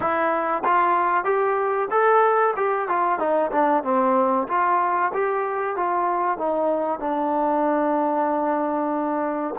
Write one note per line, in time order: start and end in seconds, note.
0.00 0.63 E4
0.64 1.24 F4
1.24 1.88 G4
1.90 2.54 A4
2.56 2.88 G4
2.88 3.19 F4
3.19 3.50 D#4
3.51 3.83 D4
3.83 4.47 C4
4.48 5.12 F4
5.13 5.76 G4
5.76 6.37 F4
6.37 6.99 D#4
6.99 9.54 D4